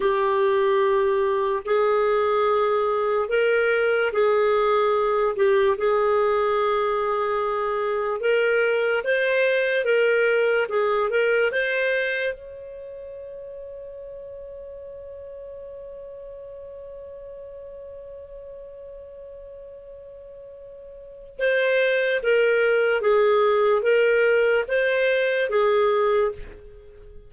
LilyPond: \new Staff \with { instrumentName = "clarinet" } { \time 4/4 \tempo 4 = 73 g'2 gis'2 | ais'4 gis'4. g'8 gis'4~ | gis'2 ais'4 c''4 | ais'4 gis'8 ais'8 c''4 cis''4~ |
cis''1~ | cis''1~ | cis''2 c''4 ais'4 | gis'4 ais'4 c''4 gis'4 | }